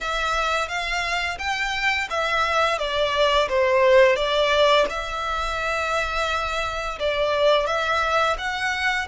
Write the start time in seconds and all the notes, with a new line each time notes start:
0.00 E5
0.68 F5
1.38 G5
2.09 E5
2.78 D5
3.49 C5
4.15 D5
4.89 E5
6.99 D5
7.66 E5
8.38 F#5